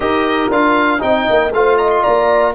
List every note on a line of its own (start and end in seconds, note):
0.00 0.49 D#4
0.00 0.50 G4
0.00 1.01 A#4
0.00 0.51 D#5
0.51 1.01 D4
0.51 0.99 F4
0.51 1.02 F5
0.99 1.27 C4
0.99 1.50 D#4
0.99 1.53 D#5
0.99 1.53 G5
1.29 1.52 A#3
1.52 2.03 A3
1.52 2.54 F4
1.52 1.78 C5
1.52 1.77 F5
1.77 2.03 D#5
1.77 1.90 A#5
1.90 2.03 C6
2.03 2.54 A#3
2.03 2.54 D5
2.03 2.53 A#5